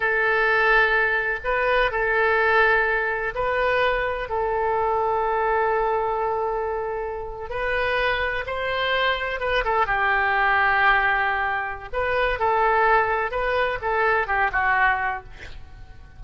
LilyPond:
\new Staff \with { instrumentName = "oboe" } { \time 4/4 \tempo 4 = 126 a'2. b'4 | a'2. b'4~ | b'4 a'2.~ | a'2.~ a'8. b'16~ |
b'4.~ b'16 c''2 b'16~ | b'16 a'8 g'2.~ g'16~ | g'4 b'4 a'2 | b'4 a'4 g'8 fis'4. | }